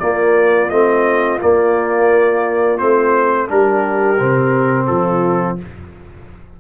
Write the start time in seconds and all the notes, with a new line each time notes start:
0.00 A#3 F4 D5
0.70 A3 C4 D#5
1.40 A#3 D5
2.78 A3 C4 C5
3.48 G3 D4 G4 A#4
4.19 C3 C4
4.87 F3 F4 A4